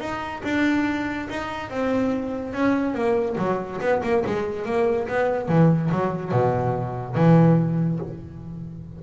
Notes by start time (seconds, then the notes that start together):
0.00 D#4
0.44 D4
1.30 D#4
1.70 C4
2.53 C#4
2.94 A#3
3.38 F#3
3.81 B3
4.03 A#3
4.26 G#3
4.65 A#3
5.08 B3
5.48 E3
5.91 F#3
6.32 B2
7.15 E3